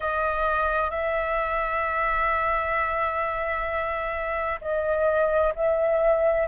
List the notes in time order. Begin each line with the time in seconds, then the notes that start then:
0.00 D#5
0.90 E5
4.61 D#5
5.55 E5